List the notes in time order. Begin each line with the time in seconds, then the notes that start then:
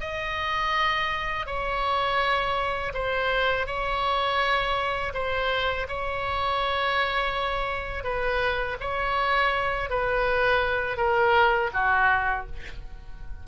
0.00 D#5
1.46 C#5
2.94 C5
3.67 C#5
5.14 C5
5.88 C#5
8.04 B4
8.80 C#5
9.90 B4
10.97 A#4
11.74 F#4